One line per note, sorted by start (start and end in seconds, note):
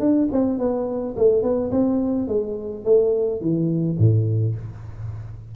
0.00 0.28 D4
0.32 0.59 C4
0.59 1.15 B3
1.17 1.43 A3
1.43 1.71 B3
1.72 2.28 C4
2.28 2.85 G#3
2.85 3.41 A3
3.41 3.98 E3
3.99 4.55 A2